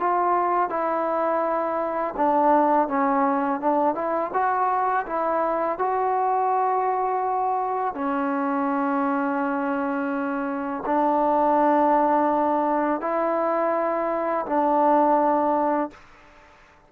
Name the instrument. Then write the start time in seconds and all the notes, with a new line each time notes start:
trombone
0.00 F4
0.70 E4
2.17 D4
2.88 C#4
3.61 D4
3.95 E4
4.33 F#4
5.07 E4
5.79 F#4
7.95 C#4
10.87 D4
13.01 E4
14.46 D4